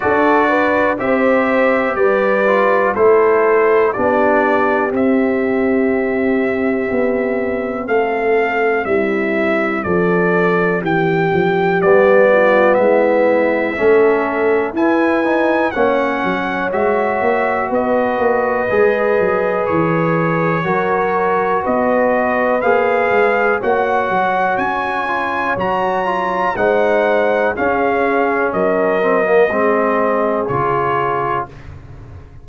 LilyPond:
<<
  \new Staff \with { instrumentName = "trumpet" } { \time 4/4 \tempo 4 = 61 d''4 e''4 d''4 c''4 | d''4 e''2. | f''4 e''4 d''4 g''4 | d''4 e''2 gis''4 |
fis''4 e''4 dis''2 | cis''2 dis''4 f''4 | fis''4 gis''4 ais''4 fis''4 | f''4 dis''2 cis''4 | }
  \new Staff \with { instrumentName = "horn" } { \time 4/4 a'8 b'8 c''4 b'4 a'4 | g'1 | a'4 e'4 a'4 g'4~ | g'8 f'8 e'4 a'4 b'4 |
cis''2 b'2~ | b'4 ais'4 b'2 | cis''2. c''4 | gis'4 ais'4 gis'2 | }
  \new Staff \with { instrumentName = "trombone" } { \time 4/4 fis'4 g'4. f'8 e'4 | d'4 c'2.~ | c'1 | b2 cis'4 e'8 dis'8 |
cis'4 fis'2 gis'4~ | gis'4 fis'2 gis'4 | fis'4. f'8 fis'8 f'8 dis'4 | cis'4. c'16 ais16 c'4 f'4 | }
  \new Staff \with { instrumentName = "tuba" } { \time 4/4 d'4 c'4 g4 a4 | b4 c'2 b4 | a4 g4 f4 e8 f8 | g4 gis4 a4 e'4 |
ais8 fis8 gis8 ais8 b8 ais8 gis8 fis8 | e4 fis4 b4 ais8 gis8 | ais8 fis8 cis'4 fis4 gis4 | cis'4 fis4 gis4 cis4 | }
>>